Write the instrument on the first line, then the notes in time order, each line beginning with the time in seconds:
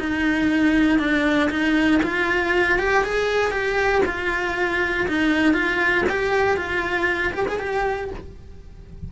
cello
0.00 D#4
0.99 D4
1.50 D#4
2.03 F4
2.79 G4
3.05 G#4
3.52 G4
4.06 F4
5.08 D#4
5.54 F4
6.10 G4
6.57 F4
7.34 G4
7.49 G#4
7.60 G4